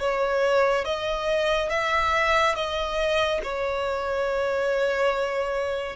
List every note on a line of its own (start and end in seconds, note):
0.00 0.85 C#5
0.85 1.70 D#5
1.70 2.56 E5
2.56 3.41 D#5
3.44 5.96 C#5